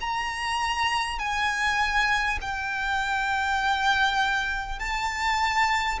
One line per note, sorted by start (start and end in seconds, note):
0.00 1.18 A#5
1.18 2.38 G#5
2.41 4.79 G5
4.79 5.99 A5